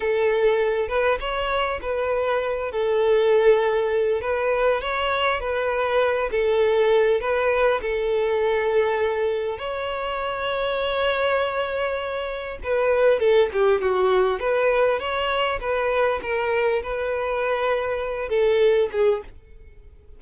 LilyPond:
\new Staff \with { instrumentName = "violin" } { \time 4/4 \tempo 4 = 100 a'4. b'8 cis''4 b'4~ | b'8 a'2~ a'8 b'4 | cis''4 b'4. a'4. | b'4 a'2. |
cis''1~ | cis''4 b'4 a'8 g'8 fis'4 | b'4 cis''4 b'4 ais'4 | b'2~ b'8 a'4 gis'8 | }